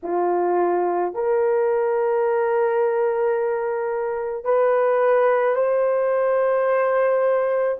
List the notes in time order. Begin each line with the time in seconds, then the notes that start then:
0.03 F4
1.14 A#4
4.44 B4
5.56 C5